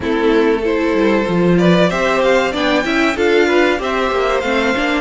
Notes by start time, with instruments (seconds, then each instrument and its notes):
0.00 cello A3, viola C4, violin E4 A4
0.60 viola E4, violin A4 C5
0.93 cello G3
1.25 cello F3, viola F4
1.58 violin B4 D5
1.89 cello C4, viola G4, violin C5 E5
2.22 violin F5
2.51 cello B3, viola D4, violin D5 G5
2.83 cello C#4, viola E4, violin E5
3.16 cello D4, viola F4, violin A4 F5
3.46 violin B4
3.77 cello C4, viola G4, violin C5 E5
4.11 cello A#3
4.40 cello A3, viola C4, violin F5
4.74 cello A#3, viola D4